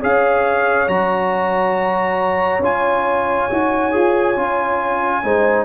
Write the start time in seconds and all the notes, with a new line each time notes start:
0.00 C#4 G#4 C#5 F5
0.87 F#3 F#4 A#5
2.59 C#4 F4 G#5
3.50 D#4 F#4
3.92 F4 G#4
4.36 C#4 F4
5.23 G#3 D#4 C5